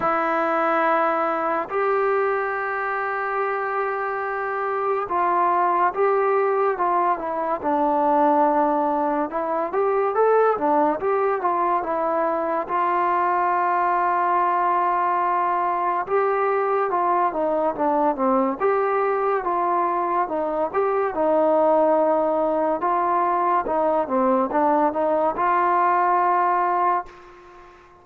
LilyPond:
\new Staff \with { instrumentName = "trombone" } { \time 4/4 \tempo 4 = 71 e'2 g'2~ | g'2 f'4 g'4 | f'8 e'8 d'2 e'8 g'8 | a'8 d'8 g'8 f'8 e'4 f'4~ |
f'2. g'4 | f'8 dis'8 d'8 c'8 g'4 f'4 | dis'8 g'8 dis'2 f'4 | dis'8 c'8 d'8 dis'8 f'2 | }